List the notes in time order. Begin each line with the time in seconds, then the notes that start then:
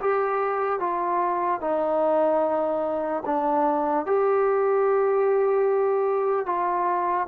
0.00 G4
0.79 F4
1.61 D#4
3.25 D4
4.05 G4
6.46 F4